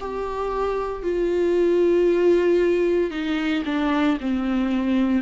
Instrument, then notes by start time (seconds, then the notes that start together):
viola
0.00 G4
1.03 F4
3.11 D#4
3.66 D4
4.21 C4